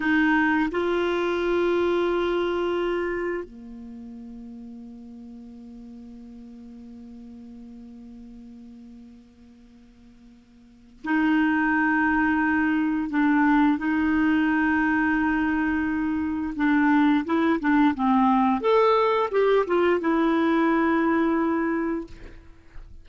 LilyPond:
\new Staff \with { instrumentName = "clarinet" } { \time 4/4 \tempo 4 = 87 dis'4 f'2.~ | f'4 ais2.~ | ais1~ | ais1 |
dis'2. d'4 | dis'1 | d'4 e'8 d'8 c'4 a'4 | g'8 f'8 e'2. | }